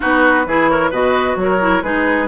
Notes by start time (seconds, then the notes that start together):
0.00 B3 D#4 F#4 B4
0.46 E3 E4 G#4
0.68 A#4 C#5
0.90 B2 F#4 B4 D#5
1.36 F#3 C#5
1.42 A#4
1.59 E4
1.82 G#3 D#4 G#4 B4